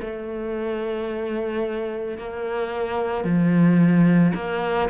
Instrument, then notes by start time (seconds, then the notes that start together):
cello
0.00 A3
2.17 A#3
3.24 F3
4.34 A#3